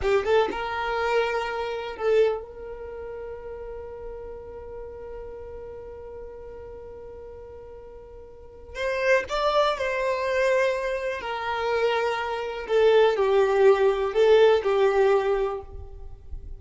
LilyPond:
\new Staff \with { instrumentName = "violin" } { \time 4/4 \tempo 4 = 123 g'8 a'8 ais'2. | a'4 ais'2.~ | ais'1~ | ais'1~ |
ais'2 c''4 d''4 | c''2. ais'4~ | ais'2 a'4 g'4~ | g'4 a'4 g'2 | }